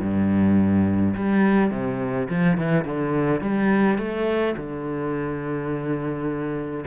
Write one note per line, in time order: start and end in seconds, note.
0.00 1.14 G2
1.15 1.70 G3
1.70 2.28 C3
2.30 2.57 F3
2.57 2.84 E3
2.84 3.41 D3
3.41 3.98 G3
3.98 4.55 A3
4.56 6.85 D3